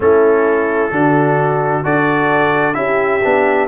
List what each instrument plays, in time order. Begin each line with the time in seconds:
0.00 tuba A3, trombone C#4, horn E4, trumpet A4
0.91 tuba D3, trombone D4, horn F#4
1.83 tuba D4, trombone F#4, horn A4, trumpet D5
2.74 tuba C#4, trombone E4, horn G4, trumpet E5
3.23 tuba B3, trombone D4